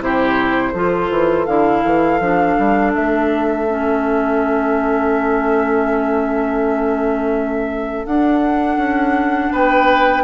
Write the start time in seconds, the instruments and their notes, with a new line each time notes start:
0.00 bassoon C3, clarinet E4, oboe G4, flute C5
0.72 bassoon F3, clarinet F4, oboe A4
1.10 bassoon E3
1.45 bassoon D3, clarinet E4, flute F5
1.84 bassoon E3
2.19 bassoon F3, clarinet D4
2.58 bassoon G3
2.94 bassoon A3, flute E5
3.67 clarinet C#4
8.06 bassoon D4, clarinet D4, flute F#5
8.77 bassoon C#4
9.52 bassoon B3, oboe B4, flute G5